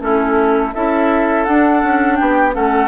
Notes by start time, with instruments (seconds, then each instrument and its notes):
0.00 bassoon A3, clarinet C#4, oboe E4, flute A4
0.74 bassoon C#4, clarinet E4, oboe A4, flute E5
1.45 bassoon D4, clarinet D4, flute F#5
1.83 bassoon C#4
2.16 bassoon B3, oboe G4, flute G5
2.53 bassoon A3, clarinet C#4, oboe A4, flute F#5